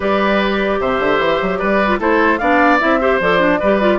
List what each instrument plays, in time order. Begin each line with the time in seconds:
0.00 bassoon G3, clarinet G4, oboe B4, flute D5
0.80 bassoon C3, oboe C5, flute E5
0.99 bassoon D3
1.19 bassoon E3
1.41 bassoon F#3
1.58 bassoon G3, oboe B4, flute D5
1.87 clarinet F4
1.99 bassoon A3, clarinet E4, oboe A4, flute C5
2.37 bassoon B3, clarinet D4, oboe D5, flute F5
2.79 bassoon C4, clarinet E4, flute E5
3.00 clarinet G4, oboe C5
3.20 bassoon F3, clarinet A4, flute D5
3.38 clarinet D4
3.59 bassoon G3, clarinet G4, oboe B4
3.81 clarinet F4